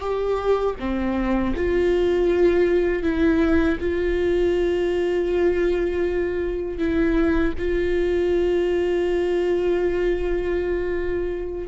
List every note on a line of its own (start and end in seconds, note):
0.00 0.75 G4
0.79 1.54 C4
1.56 3.02 F4
3.02 3.77 E4
3.80 6.78 F4
6.78 7.53 E4
7.58 11.68 F4